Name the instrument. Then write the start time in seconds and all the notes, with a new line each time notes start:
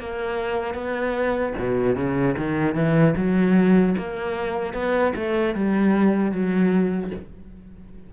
cello
0.00 A#3
0.74 B3
1.58 B2
1.96 C#3
2.38 D#3
2.75 E3
3.17 F#3
3.97 A#3
4.73 B3
5.15 A3
5.55 G3
6.32 F#3